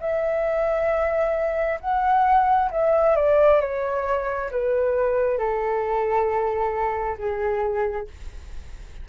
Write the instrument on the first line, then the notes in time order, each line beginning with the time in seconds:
flute
0.00 E5
1.80 F#5
2.71 E5
3.15 D5
3.60 C#5
4.51 B4
5.38 A4
7.18 G#4